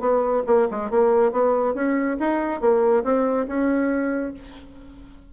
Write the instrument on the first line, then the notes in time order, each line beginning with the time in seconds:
bassoon
0.00 B3
0.47 A#3
0.71 G#3
0.90 A#3
1.32 B3
1.74 C#4
2.20 D#4
2.61 A#3
3.04 C4
3.47 C#4